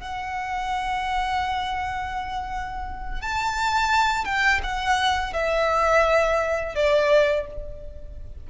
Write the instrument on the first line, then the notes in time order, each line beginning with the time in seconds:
violin
0.00 F#5
3.21 A5
4.25 G5
4.63 F#5
5.33 E5
6.75 D5